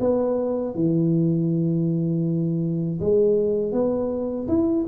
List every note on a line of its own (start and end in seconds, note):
0.00 0.75 B3
0.75 3.00 E3
3.00 3.72 G#3
3.72 4.47 B3
4.48 4.85 E4